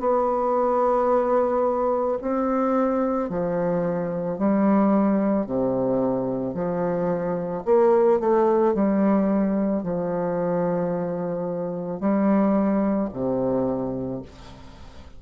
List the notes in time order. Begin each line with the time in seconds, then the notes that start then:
0.00 B3
2.22 C4
3.30 F3
4.39 G3
5.46 C3
6.55 F3
7.66 A#3
8.20 A3
8.75 G3
9.83 F3
12.00 G3
13.14 C3